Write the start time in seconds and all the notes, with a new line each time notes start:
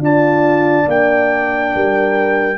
0.00 D4 F4 D5 A5
0.86 A#3 D4 G5
1.75 G3 A#4